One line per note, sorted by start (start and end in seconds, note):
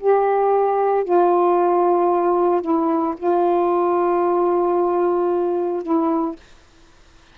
0.00 1.04 G4
1.04 2.62 F4
2.62 3.15 E4
3.17 5.83 F4
5.83 6.36 E4